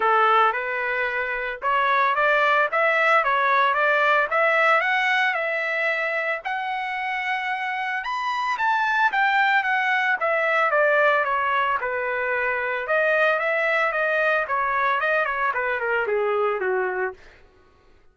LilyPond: \new Staff \with { instrumentName = "trumpet" } { \time 4/4 \tempo 4 = 112 a'4 b'2 cis''4 | d''4 e''4 cis''4 d''4 | e''4 fis''4 e''2 | fis''2. b''4 |
a''4 g''4 fis''4 e''4 | d''4 cis''4 b'2 | dis''4 e''4 dis''4 cis''4 | dis''8 cis''8 b'8 ais'8 gis'4 fis'4 | }